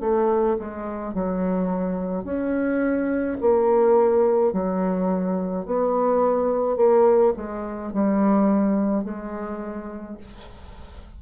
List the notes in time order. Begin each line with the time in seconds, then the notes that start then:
0.00 A3
0.59 G#3
1.14 F#3
2.24 C#4
3.41 A#3
4.52 F#3
5.66 B3
6.77 A#3
7.36 G#3
7.92 G3
9.04 G#3